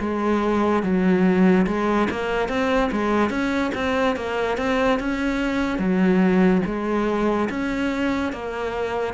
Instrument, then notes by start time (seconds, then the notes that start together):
cello
0.00 G#3
0.83 F#3
1.67 G#3
2.10 A#3
2.49 C4
2.92 G#3
3.30 C#4
3.75 C4
4.16 A#3
4.58 C4
4.99 C#4
5.78 F#3
6.66 G#3
7.50 C#4
8.33 A#3